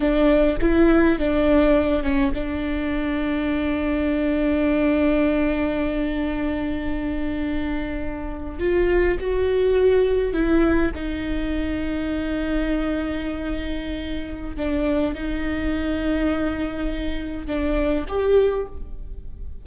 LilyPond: \new Staff \with { instrumentName = "viola" } { \time 4/4 \tempo 4 = 103 d'4 e'4 d'4. cis'8 | d'1~ | d'1~ | d'2~ d'8. f'4 fis'16~ |
fis'4.~ fis'16 e'4 dis'4~ dis'16~ | dis'1~ | dis'4 d'4 dis'2~ | dis'2 d'4 g'4 | }